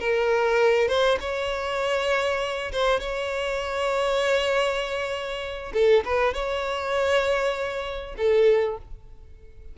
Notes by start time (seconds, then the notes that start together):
0.00 A#4
0.88 C5
1.21 C#5
2.73 C5
3.00 C#5
5.74 A4
6.06 B4
6.34 C#5
8.18 A4